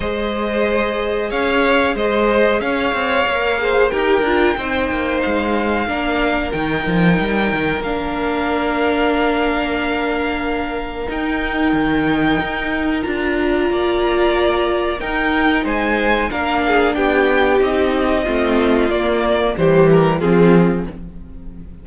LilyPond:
<<
  \new Staff \with { instrumentName = "violin" } { \time 4/4 \tempo 4 = 92 dis''2 f''4 dis''4 | f''2 g''2 | f''2 g''2 | f''1~ |
f''4 g''2. | ais''2. g''4 | gis''4 f''4 g''4 dis''4~ | dis''4 d''4 c''8 ais'8 gis'4 | }
  \new Staff \with { instrumentName = "violin" } { \time 4/4 c''2 cis''4 c''4 | cis''4. c''8 ais'4 c''4~ | c''4 ais'2.~ | ais'1~ |
ais'1~ | ais'4 d''2 ais'4 | c''4 ais'8 gis'8 g'2 | f'2 g'4 f'4 | }
  \new Staff \with { instrumentName = "viola" } { \time 4/4 gis'1~ | gis'4 ais'8 gis'8 g'8 f'8 dis'4~ | dis'4 d'4 dis'2 | d'1~ |
d'4 dis'2. | f'2. dis'4~ | dis'4 d'2 dis'4 | c'4 ais4 g4 c'4 | }
  \new Staff \with { instrumentName = "cello" } { \time 4/4 gis2 cis'4 gis4 | cis'8 c'8 ais4 dis'8 d'8 c'8 ais8 | gis4 ais4 dis8 f8 g8 dis8 | ais1~ |
ais4 dis'4 dis4 dis'4 | d'4 ais2 dis'4 | gis4 ais4 b4 c'4 | a4 ais4 e4 f4 | }
>>